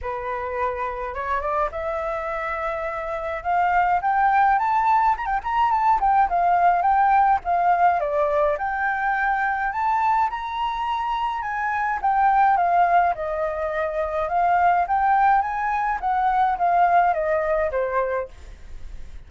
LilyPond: \new Staff \with { instrumentName = "flute" } { \time 4/4 \tempo 4 = 105 b'2 cis''8 d''8 e''4~ | e''2 f''4 g''4 | a''4 ais''16 g''16 ais''8 a''8 g''8 f''4 | g''4 f''4 d''4 g''4~ |
g''4 a''4 ais''2 | gis''4 g''4 f''4 dis''4~ | dis''4 f''4 g''4 gis''4 | fis''4 f''4 dis''4 c''4 | }